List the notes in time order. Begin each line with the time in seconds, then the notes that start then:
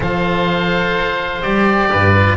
0.00 F3 A4 C5 F5
1.42 G3 G4 D5
1.91 G2 B4
2.16 F4